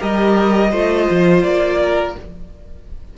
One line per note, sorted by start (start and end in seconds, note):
0.00 0.73 G3
0.00 0.72 G4
0.00 0.71 A#4
0.00 1.44 D#5
0.71 1.09 A3
0.71 2.16 F4
0.71 1.78 C5
1.11 1.44 F3
1.44 2.16 A#3
1.44 2.15 D5
1.82 2.18 A#4